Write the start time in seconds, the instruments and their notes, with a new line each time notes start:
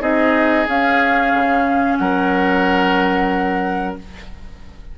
0.00 bassoon C4, clarinet D#4, oboe G#4, flute D#5
0.67 bassoon C#4, clarinet C#4, flute F5
1.34 bassoon C#3
1.98 bassoon F#3, oboe A#4, flute F#5